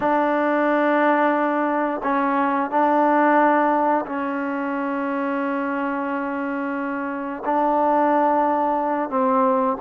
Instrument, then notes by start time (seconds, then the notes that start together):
trombone
0.00 D4
2.03 C#4
2.70 D4
4.06 C#4
7.45 D4
9.09 C4